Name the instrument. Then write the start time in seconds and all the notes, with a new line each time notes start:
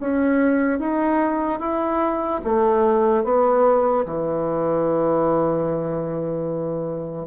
bassoon
0.00 C#4
0.80 D#4
1.60 E4
2.44 A3
3.24 B3
4.06 E3